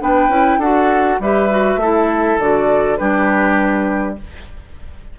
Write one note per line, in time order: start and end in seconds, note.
0.00 0.28 B3
0.00 0.30 D4
0.00 0.59 B4
0.00 0.61 G5
0.28 0.57 C#4
0.28 0.59 E4
0.57 1.17 D4
0.57 1.21 F#4
0.57 1.18 A4
0.57 1.20 F#5
1.20 1.76 G3
1.20 1.50 G4
1.20 1.81 B4
1.20 2.39 E5
1.50 1.80 F#4
1.76 2.35 A3
1.76 2.99 A4
1.82 2.40 E4
2.39 2.99 D3
2.39 2.98 F#4
2.39 2.97 D5
2.97 4.19 G3
2.97 4.17 D4
2.97 4.18 G4
2.97 4.15 B4